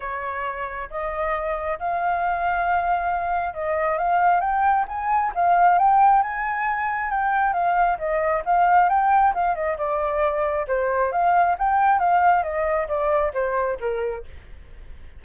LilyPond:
\new Staff \with { instrumentName = "flute" } { \time 4/4 \tempo 4 = 135 cis''2 dis''2 | f''1 | dis''4 f''4 g''4 gis''4 | f''4 g''4 gis''2 |
g''4 f''4 dis''4 f''4 | g''4 f''8 dis''8 d''2 | c''4 f''4 g''4 f''4 | dis''4 d''4 c''4 ais'4 | }